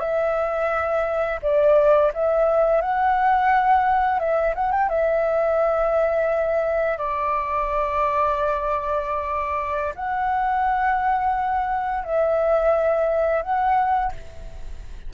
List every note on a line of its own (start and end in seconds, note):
0.00 1.40 E5
1.43 2.12 D5
2.14 2.82 E5
2.82 4.20 F#5
4.20 4.55 E5
4.55 4.72 F#5
4.72 4.89 G5
4.89 6.98 E5
6.98 9.95 D5
9.96 12.05 F#5
12.05 13.43 E5
13.43 14.12 F#5